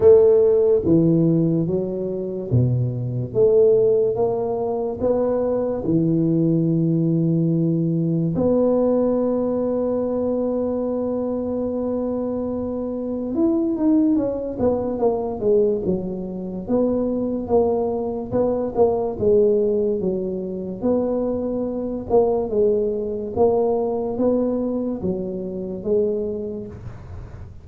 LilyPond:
\new Staff \with { instrumentName = "tuba" } { \time 4/4 \tempo 4 = 72 a4 e4 fis4 b,4 | a4 ais4 b4 e4~ | e2 b2~ | b1 |
e'8 dis'8 cis'8 b8 ais8 gis8 fis4 | b4 ais4 b8 ais8 gis4 | fis4 b4. ais8 gis4 | ais4 b4 fis4 gis4 | }